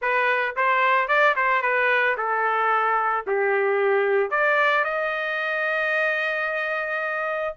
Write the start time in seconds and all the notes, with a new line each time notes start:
0.01 B4
0.56 C5
1.07 D5
1.36 C5
1.62 B4
2.17 A4
3.27 G4
4.30 D5
4.84 D#5